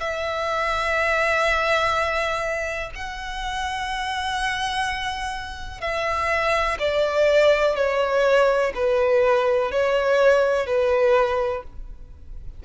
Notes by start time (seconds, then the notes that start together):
0.00 E5
2.95 F#5
5.81 E5
6.79 D5
7.76 C#5
8.75 B4
9.71 C#5
10.66 B4